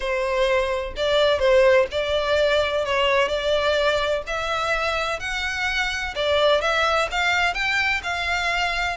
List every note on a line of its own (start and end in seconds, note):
0.00 0.94 C5
0.96 1.39 D5
1.39 1.86 C5
1.91 2.85 D5
2.85 3.28 C#5
3.28 4.23 D5
4.26 5.19 E5
5.19 6.14 F#5
6.15 6.61 D5
6.61 7.08 E5
7.11 7.54 F5
7.54 8.01 G5
8.03 8.96 F5